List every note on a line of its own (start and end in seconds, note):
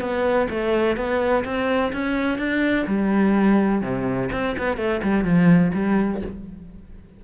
0.00 0.48 B3
0.50 0.96 A3
0.96 1.44 B3
1.44 1.92 C4
1.92 2.38 C#4
2.38 2.86 D4
2.87 3.82 G3
3.82 4.29 C3
4.32 4.56 C4
4.58 4.77 B3
4.77 5.01 A3
5.03 5.24 G3
5.24 5.71 F3
5.74 6.21 G3